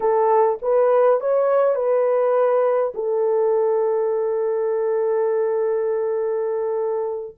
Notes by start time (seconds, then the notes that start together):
0.00 A4
0.61 B4
1.20 C#5
1.75 B4
2.94 A4